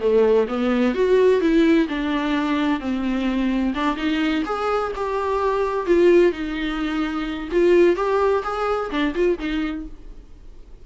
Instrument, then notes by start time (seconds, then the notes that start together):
viola
0.00 A3
0.48 B3
0.94 F#4
1.40 E4
1.88 D4
2.80 C4
3.74 D4
3.96 D#4
4.45 G#4
4.95 G4
5.86 F4
6.32 D#4
7.51 F4
7.96 G4
8.43 G#4
8.90 D4
9.15 F4
9.39 D#4